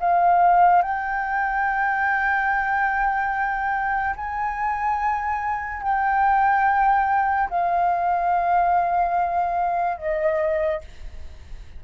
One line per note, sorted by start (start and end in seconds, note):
0.00 0.82 F5
0.82 4.16 G5
4.16 5.83 G#5
5.83 7.49 G5
7.50 9.98 F5
9.98 10.81 D#5